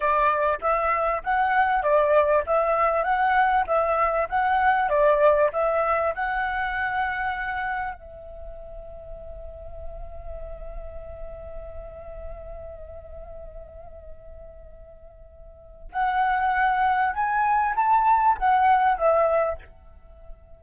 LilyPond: \new Staff \with { instrumentName = "flute" } { \time 4/4 \tempo 4 = 98 d''4 e''4 fis''4 d''4 | e''4 fis''4 e''4 fis''4 | d''4 e''4 fis''2~ | fis''4 e''2.~ |
e''1~ | e''1~ | e''2 fis''2 | gis''4 a''4 fis''4 e''4 | }